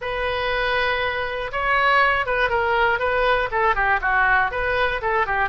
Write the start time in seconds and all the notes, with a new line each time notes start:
0.01 B4
1.52 C#5
2.26 B4
2.49 A#4
2.99 B4
3.51 A4
3.75 G4
4.01 F#4
4.51 B4
5.01 A4
5.26 G4